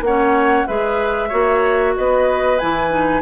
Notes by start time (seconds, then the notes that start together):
0.00 A#3 C#4 C#5 F#5
0.66 G#3 G#4 B4 E5
1.28 A#3 F#4 C#5
1.96 B3 B4 D#5
2.58 E3 E4 G#5
2.90 D#4